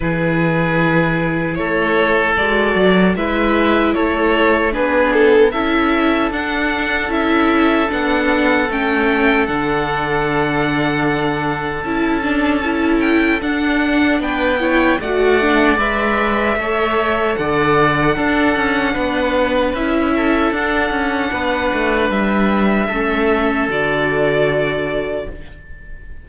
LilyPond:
<<
  \new Staff \with { instrumentName = "violin" } { \time 4/4 \tempo 4 = 76 b'2 cis''4 d''4 | e''4 cis''4 b'8 a'8 e''4 | fis''4 e''4 fis''4 g''4 | fis''2. a''4~ |
a''8 g''8 fis''4 g''4 fis''4 | e''2 fis''2~ | fis''4 e''4 fis''2 | e''2 d''2 | }
  \new Staff \with { instrumentName = "oboe" } { \time 4/4 gis'2 a'2 | b'4 a'4 gis'4 a'4~ | a'1~ | a'1~ |
a'2 b'8 cis''8 d''4~ | d''4 cis''4 d''4 a'4 | b'4. a'4. b'4~ | b'4 a'2. | }
  \new Staff \with { instrumentName = "viola" } { \time 4/4 e'2. fis'4 | e'2 d'4 e'4 | d'4 e'4 d'4 cis'4 | d'2. e'8 d'8 |
e'4 d'4. e'8 fis'8 d'8 | b'4 a'2 d'4~ | d'4 e'4 d'2~ | d'4 cis'4 fis'2 | }
  \new Staff \with { instrumentName = "cello" } { \time 4/4 e2 a4 gis8 fis8 | gis4 a4 b4 cis'4 | d'4 cis'4 b4 a4 | d2. cis'4~ |
cis'4 d'4 b4 a4 | gis4 a4 d4 d'8 cis'8 | b4 cis'4 d'8 cis'8 b8 a8 | g4 a4 d2 | }
>>